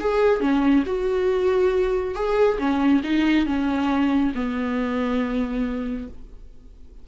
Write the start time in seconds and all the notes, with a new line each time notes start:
0.00 G#4
0.41 C#4
0.86 F#4
2.15 G#4
2.59 C#4
3.04 D#4
3.46 C#4
4.35 B3